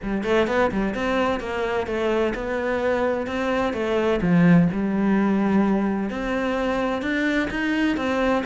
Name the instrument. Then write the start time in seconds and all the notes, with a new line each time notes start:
cello
0.03 G3
0.23 A3
0.47 B3
0.71 G3
0.94 C4
1.40 A#3
1.86 A3
2.34 B3
3.27 C4
3.73 A3
4.21 F3
4.72 G3
6.09 C4
7.01 D4
7.50 D#4
7.96 C4